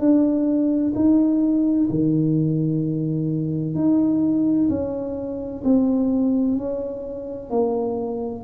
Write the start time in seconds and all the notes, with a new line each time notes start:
0.00 D4
0.95 D#4
1.90 D#3
3.75 D#4
4.70 C#4
5.64 C4
6.58 C#4
7.50 A#3